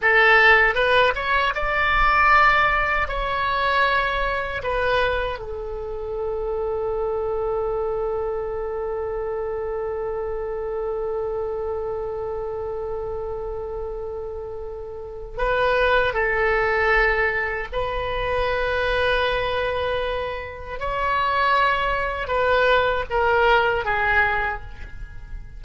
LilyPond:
\new Staff \with { instrumentName = "oboe" } { \time 4/4 \tempo 4 = 78 a'4 b'8 cis''8 d''2 | cis''2 b'4 a'4~ | a'1~ | a'1~ |
a'1 | b'4 a'2 b'4~ | b'2. cis''4~ | cis''4 b'4 ais'4 gis'4 | }